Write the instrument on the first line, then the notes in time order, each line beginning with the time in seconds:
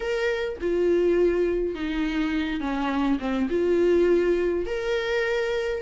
viola
0.00 A#4
0.60 F4
1.74 D#4
2.60 C#4
3.19 C4
3.50 F4
4.66 A#4